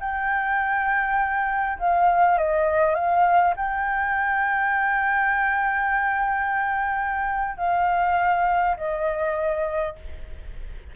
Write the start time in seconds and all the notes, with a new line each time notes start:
0.00 G5
1.79 F5
2.38 D#5
2.95 F5
3.56 G5
7.57 F5
8.77 D#5